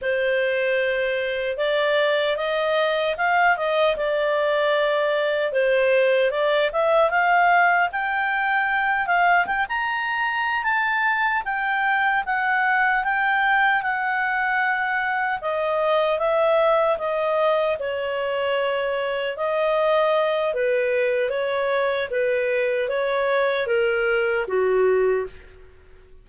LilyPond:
\new Staff \with { instrumentName = "clarinet" } { \time 4/4 \tempo 4 = 76 c''2 d''4 dis''4 | f''8 dis''8 d''2 c''4 | d''8 e''8 f''4 g''4. f''8 | g''16 ais''4~ ais''16 a''4 g''4 fis''8~ |
fis''8 g''4 fis''2 dis''8~ | dis''8 e''4 dis''4 cis''4.~ | cis''8 dis''4. b'4 cis''4 | b'4 cis''4 ais'4 fis'4 | }